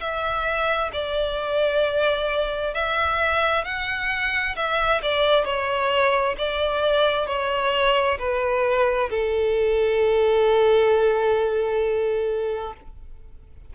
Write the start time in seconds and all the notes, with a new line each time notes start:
0.00 E5
0.93 D5
2.74 E5
3.64 F#5
4.56 E5
5.02 D5
5.45 C#5
6.38 D5
7.27 C#5
8.19 B4
9.10 A4